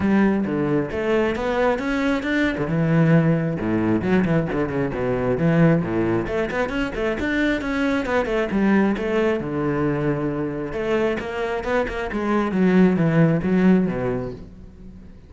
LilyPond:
\new Staff \with { instrumentName = "cello" } { \time 4/4 \tempo 4 = 134 g4 d4 a4 b4 | cis'4 d'8. d16 e2 | a,4 fis8 e8 d8 cis8 b,4 | e4 a,4 a8 b8 cis'8 a8 |
d'4 cis'4 b8 a8 g4 | a4 d2. | a4 ais4 b8 ais8 gis4 | fis4 e4 fis4 b,4 | }